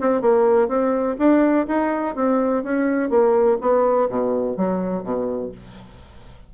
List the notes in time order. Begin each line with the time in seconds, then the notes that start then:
0.00 C4
0.21 A#3
0.68 C4
1.18 D4
1.67 D#4
2.15 C4
2.63 C#4
3.09 A#3
3.61 B3
4.09 B2
4.56 F#3
5.03 B2